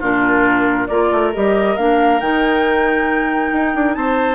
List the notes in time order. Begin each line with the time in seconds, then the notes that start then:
0.00 A#2 D4 F4 A#4
0.87 A#3 F4 A#4 D5
1.12 A3
1.33 G3 G4 D#5
1.77 A#3 D4 F5
2.21 D#3 D#4 G5
3.53 D#4
3.75 D4
3.94 C4 C5 A5